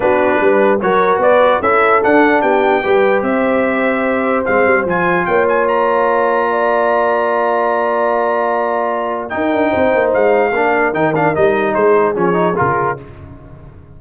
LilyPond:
<<
  \new Staff \with { instrumentName = "trumpet" } { \time 4/4 \tempo 4 = 148 b'2 cis''4 d''4 | e''4 fis''4 g''2 | e''2. f''4 | gis''4 g''8 gis''8 ais''2~ |
ais''1~ | ais''2. g''4~ | g''4 f''2 g''8 f''8 | dis''4 c''4 cis''4 ais'4 | }
  \new Staff \with { instrumentName = "horn" } { \time 4/4 fis'4 b'4 ais'4 b'4 | a'2 g'4 b'4 | c''1~ | c''4 cis''2. |
d''1~ | d''2. ais'4 | c''2 ais'2~ | ais'4 gis'2. | }
  \new Staff \with { instrumentName = "trombone" } { \time 4/4 d'2 fis'2 | e'4 d'2 g'4~ | g'2. c'4 | f'1~ |
f'1~ | f'2. dis'4~ | dis'2 d'4 dis'8 d'8 | dis'2 cis'8 dis'8 f'4 | }
  \new Staff \with { instrumentName = "tuba" } { \time 4/4 b4 g4 fis4 b4 | cis'4 d'4 b4 g4 | c'2. gis8 g8 | f4 ais2.~ |
ais1~ | ais2. dis'8 d'8 | c'8 ais8 gis4 ais4 dis4 | g4 gis4 f4 cis4 | }
>>